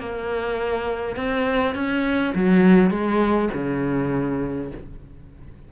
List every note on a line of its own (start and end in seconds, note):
0.00 1.16 A#3
1.16 1.75 C4
1.75 2.34 C#4
2.36 2.91 F#3
2.91 3.50 G#3
3.54 4.72 C#3